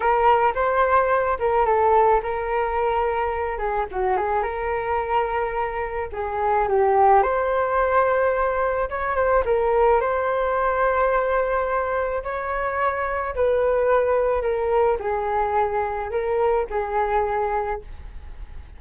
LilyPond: \new Staff \with { instrumentName = "flute" } { \time 4/4 \tempo 4 = 108 ais'4 c''4. ais'8 a'4 | ais'2~ ais'8 gis'8 fis'8 gis'8 | ais'2. gis'4 | g'4 c''2. |
cis''8 c''8 ais'4 c''2~ | c''2 cis''2 | b'2 ais'4 gis'4~ | gis'4 ais'4 gis'2 | }